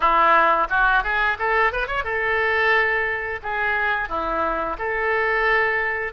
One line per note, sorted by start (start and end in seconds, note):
0.00 0.67 E4
0.69 1.03 F#4
1.03 1.37 G#4
1.38 1.72 A4
1.72 1.87 B4
1.87 2.03 C#5
2.03 3.40 A4
3.42 4.08 G#4
4.08 4.76 E4
4.78 6.12 A4